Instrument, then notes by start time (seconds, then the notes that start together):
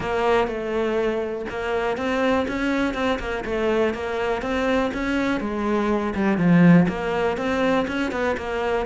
cello
0.00 A#3
0.47 A3
1.49 A#3
1.97 C4
2.47 C#4
2.94 C4
3.19 A#3
3.44 A3
3.94 A#3
4.42 C4
4.93 C#4
5.40 G#3
6.15 G3
6.37 F3
6.88 A#3
7.37 C4
7.87 C#4
8.11 B3
8.37 A#3